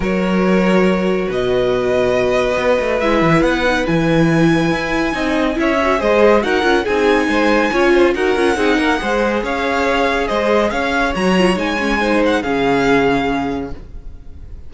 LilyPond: <<
  \new Staff \with { instrumentName = "violin" } { \time 4/4 \tempo 4 = 140 cis''2. dis''4~ | dis''2. e''4 | fis''4 gis''2.~ | gis''4 e''4 dis''4 fis''4 |
gis''2. fis''4~ | fis''2 f''2 | dis''4 f''4 ais''4 gis''4~ | gis''8 fis''8 f''2. | }
  \new Staff \with { instrumentName = "violin" } { \time 4/4 ais'2. b'4~ | b'1~ | b'1 | dis''4 cis''4 c''4 ais'4 |
gis'4 c''4 cis''8 c''8 ais'4 | gis'8 ais'8 c''4 cis''2 | c''4 cis''2. | c''4 gis'2. | }
  \new Staff \with { instrumentName = "viola" } { \time 4/4 fis'1~ | fis'2. e'4~ | e'8 dis'8 e'2. | dis'4 e'8 fis'8 gis'4 fis'8 f'8 |
dis'2 f'4 fis'8 f'8 | dis'4 gis'2.~ | gis'2 fis'8 f'8 dis'8 cis'8 | dis'4 cis'2. | }
  \new Staff \with { instrumentName = "cello" } { \time 4/4 fis2. b,4~ | b,2 b8 a8 gis8 e8 | b4 e2 e'4 | c'4 cis'4 gis4 dis'8 cis'8 |
c'4 gis4 cis'4 dis'8 cis'8 | c'8 ais8 gis4 cis'2 | gis4 cis'4 fis4 gis4~ | gis4 cis2. | }
>>